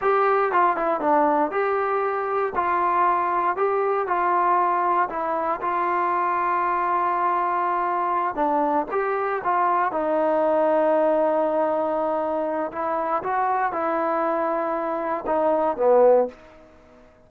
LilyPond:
\new Staff \with { instrumentName = "trombone" } { \time 4/4 \tempo 4 = 118 g'4 f'8 e'8 d'4 g'4~ | g'4 f'2 g'4 | f'2 e'4 f'4~ | f'1~ |
f'8 d'4 g'4 f'4 dis'8~ | dis'1~ | dis'4 e'4 fis'4 e'4~ | e'2 dis'4 b4 | }